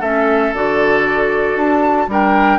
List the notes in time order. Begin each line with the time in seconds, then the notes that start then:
0.00 A3 C#4 A4 E5
0.54 D3 F#4 D5
1.55 D4 A5
2.07 G3 D4 A#4 G5